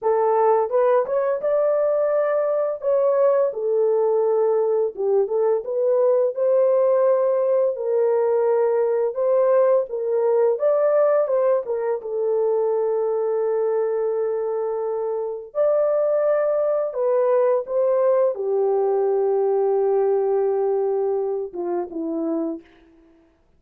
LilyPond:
\new Staff \with { instrumentName = "horn" } { \time 4/4 \tempo 4 = 85 a'4 b'8 cis''8 d''2 | cis''4 a'2 g'8 a'8 | b'4 c''2 ais'4~ | ais'4 c''4 ais'4 d''4 |
c''8 ais'8 a'2.~ | a'2 d''2 | b'4 c''4 g'2~ | g'2~ g'8 f'8 e'4 | }